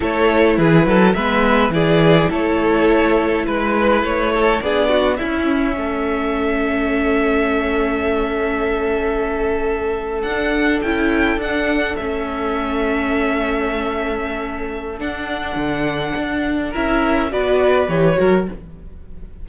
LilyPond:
<<
  \new Staff \with { instrumentName = "violin" } { \time 4/4 \tempo 4 = 104 cis''4 b'4 e''4 d''4 | cis''2 b'4 cis''4 | d''4 e''2.~ | e''1~ |
e''4.~ e''16 fis''4 g''4 fis''16~ | fis''8. e''2.~ e''16~ | e''2 fis''2~ | fis''4 e''4 d''4 cis''4 | }
  \new Staff \with { instrumentName = "violin" } { \time 4/4 a'4 gis'8 a'8 b'4 gis'4 | a'2 b'4. a'8 | gis'8 fis'8 e'4 a'2~ | a'1~ |
a'1~ | a'1~ | a'1~ | a'4 ais'4 b'4. ais'8 | }
  \new Staff \with { instrumentName = "viola" } { \time 4/4 e'2 b4 e'4~ | e'1 | d'4 cis'2.~ | cis'1~ |
cis'4.~ cis'16 d'4 e'4 d'16~ | d'8. cis'2.~ cis'16~ | cis'2 d'2~ | d'4 e'4 fis'4 g'8 fis'8 | }
  \new Staff \with { instrumentName = "cello" } { \time 4/4 a4 e8 fis8 gis4 e4 | a2 gis4 a4 | b4 cis'4 a2~ | a1~ |
a4.~ a16 d'4 cis'4 d'16~ | d'8. a2.~ a16~ | a2 d'4 d4 | d'4 cis'4 b4 e8 fis8 | }
>>